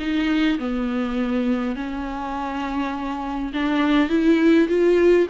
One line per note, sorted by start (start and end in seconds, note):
0.00 0.59 D#4
0.59 1.76 B3
1.76 3.52 C#4
3.53 4.10 D4
4.10 4.68 E4
4.69 5.28 F4